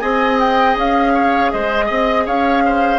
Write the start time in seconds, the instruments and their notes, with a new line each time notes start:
0.00 bassoon C4, clarinet G#4, oboe D#5, flute G#5
0.40 flute G5
0.76 bassoon C#4, flute F5
1.14 oboe C#5
1.52 bassoon G#3, oboe C5, flute D#5
1.86 bassoon C4, oboe D#5
2.26 bassoon C#4, oboe C#5, flute F5
2.66 oboe C5